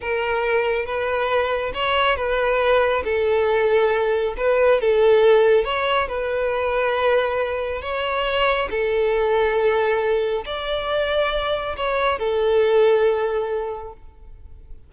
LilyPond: \new Staff \with { instrumentName = "violin" } { \time 4/4 \tempo 4 = 138 ais'2 b'2 | cis''4 b'2 a'4~ | a'2 b'4 a'4~ | a'4 cis''4 b'2~ |
b'2 cis''2 | a'1 | d''2. cis''4 | a'1 | }